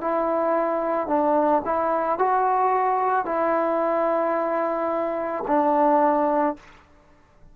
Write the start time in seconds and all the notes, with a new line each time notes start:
0.00 E4
1.07 D4
1.65 E4
2.18 F#4
3.25 E4
5.47 D4